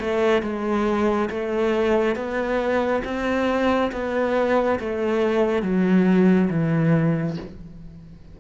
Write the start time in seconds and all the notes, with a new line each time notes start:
0.00 A3
0.42 G#3
1.30 A3
2.15 B3
3.04 C4
3.92 B3
4.80 A3
5.62 F#3
6.50 E3